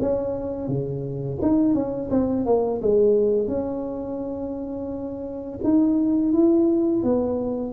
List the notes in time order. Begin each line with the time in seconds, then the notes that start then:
0.00 C#4
0.68 C#3
1.41 D#4
1.74 C#4
2.10 C4
2.45 A#3
2.81 G#3
3.48 C#4
5.63 D#4
6.32 E4
7.03 B3